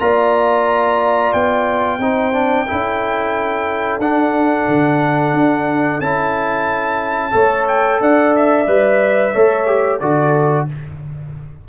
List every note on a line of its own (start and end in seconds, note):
0.00 1.34 A#3
0.00 2.00 F4
0.00 2.01 D5
0.00 1.33 A#5
1.33 1.99 B3
1.33 4.00 G5
1.99 2.66 C4
1.99 2.33 D#4
1.99 2.67 C5
2.33 2.67 D4
2.67 3.99 C#4
2.67 4.01 E4
2.67 7.34 A4
3.99 4.66 D4
3.99 6.02 D4
3.99 6.01 F#5
4.68 5.33 D3
5.33 6.00 D4
6.01 7.34 C#4
6.01 7.32 E4
6.01 7.67 A5
7.32 8.01 A3
7.32 8.65 A4
7.32 8.01 C#5
7.68 8.01 G5
8.01 8.67 D4
8.01 9.33 D5
8.01 8.36 F#5
8.36 10.00 E5
8.67 9.34 G3
8.67 9.34 B4
9.33 10.02 A3
9.33 9.67 A4
9.33 10.00 C#5
9.67 10.00 G4
10.00 10.68 D3
10.00 10.69 F#4
10.00 10.68 A4
10.00 10.67 D5